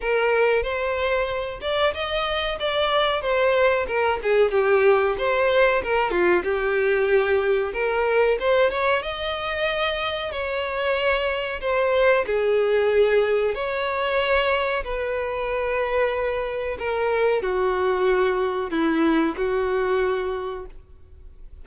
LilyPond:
\new Staff \with { instrumentName = "violin" } { \time 4/4 \tempo 4 = 93 ais'4 c''4. d''8 dis''4 | d''4 c''4 ais'8 gis'8 g'4 | c''4 ais'8 f'8 g'2 | ais'4 c''8 cis''8 dis''2 |
cis''2 c''4 gis'4~ | gis'4 cis''2 b'4~ | b'2 ais'4 fis'4~ | fis'4 e'4 fis'2 | }